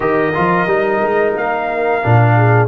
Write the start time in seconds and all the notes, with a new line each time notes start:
0.00 D#3 G4 A#4 D#5
0.34 F3 F4
0.67 G3 D#4
1.01 G#3
1.35 A#3 F5
2.02 A#2 D4
2.36 G#4